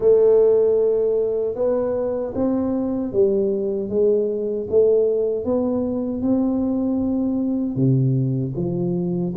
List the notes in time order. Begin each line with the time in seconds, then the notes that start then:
0.00 A3
1.55 B3
2.34 C4
3.12 G3
3.89 G#3
4.69 A3
5.44 B3
6.22 C4
7.75 C3
8.55 F3